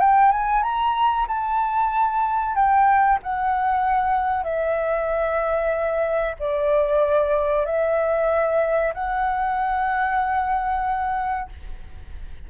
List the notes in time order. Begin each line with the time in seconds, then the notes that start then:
0.00 G5
0.32 G#5
0.63 A#5
1.27 A5
2.55 G5
3.23 F#5
4.44 E5
6.39 D5
7.65 E5
8.94 F#5